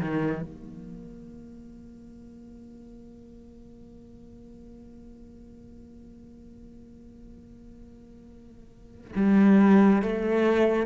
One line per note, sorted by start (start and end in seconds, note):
0.00 0.42 D#3
0.42 9.12 A#3
9.16 10.03 G3
10.03 10.87 A3